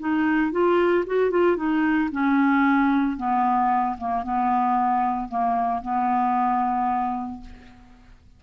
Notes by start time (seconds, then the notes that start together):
0.00 D#4
0.52 F4
1.07 F#4
1.31 F4
1.57 D#4
2.12 C#4
3.17 B3
3.98 A#3
4.24 B3
5.29 A#3
5.82 B3